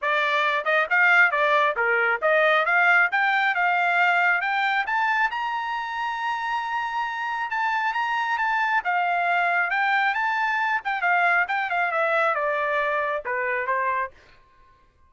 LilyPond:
\new Staff \with { instrumentName = "trumpet" } { \time 4/4 \tempo 4 = 136 d''4. dis''8 f''4 d''4 | ais'4 dis''4 f''4 g''4 | f''2 g''4 a''4 | ais''1~ |
ais''4 a''4 ais''4 a''4 | f''2 g''4 a''4~ | a''8 g''8 f''4 g''8 f''8 e''4 | d''2 b'4 c''4 | }